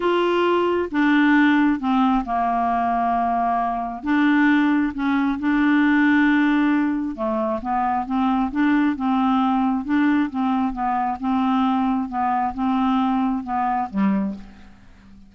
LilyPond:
\new Staff \with { instrumentName = "clarinet" } { \time 4/4 \tempo 4 = 134 f'2 d'2 | c'4 ais2.~ | ais4 d'2 cis'4 | d'1 |
a4 b4 c'4 d'4 | c'2 d'4 c'4 | b4 c'2 b4 | c'2 b4 g4 | }